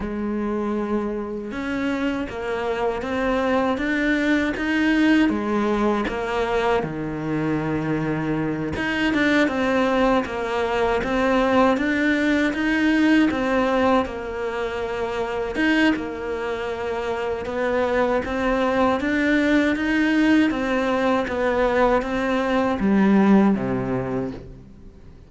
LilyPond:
\new Staff \with { instrumentName = "cello" } { \time 4/4 \tempo 4 = 79 gis2 cis'4 ais4 | c'4 d'4 dis'4 gis4 | ais4 dis2~ dis8 dis'8 | d'8 c'4 ais4 c'4 d'8~ |
d'8 dis'4 c'4 ais4.~ | ais8 dis'8 ais2 b4 | c'4 d'4 dis'4 c'4 | b4 c'4 g4 c4 | }